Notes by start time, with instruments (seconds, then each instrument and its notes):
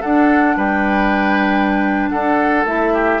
0.00 clarinet D4, bassoon D4, oboe A4, flute F#5
0.56 bassoon G3, oboe B4, flute G5
2.09 bassoon D4, oboe A4, flute F#5
2.65 bassoon A3, clarinet E4, flute E5
2.93 oboe G4